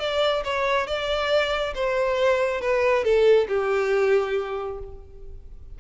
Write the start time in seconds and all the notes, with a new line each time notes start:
0.00 D5
0.44 C#5
0.87 D5
1.75 C5
2.61 B4
3.04 A4
3.48 G4